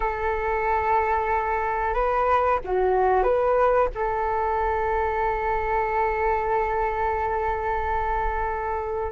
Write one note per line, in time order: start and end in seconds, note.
0.00 1.94 A4
1.94 2.59 B4
2.64 3.23 F#4
3.23 3.88 B4
3.95 9.12 A4